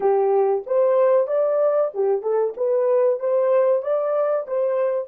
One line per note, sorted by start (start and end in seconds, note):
0.00 0.64 G4
0.66 1.27 C5
1.27 1.91 D5
1.94 2.22 G4
2.22 2.54 A4
2.56 3.19 B4
3.19 3.82 C5
3.82 4.46 D5
4.47 5.08 C5